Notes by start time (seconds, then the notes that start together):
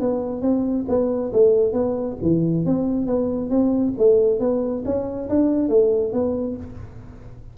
0.00 B3
0.41 C4
0.88 B3
1.33 A3
1.73 B3
2.22 E3
2.66 C4
3.06 B3
3.50 C4
3.98 A3
4.40 B3
4.85 C#4
5.29 D4
5.69 A3
6.13 B3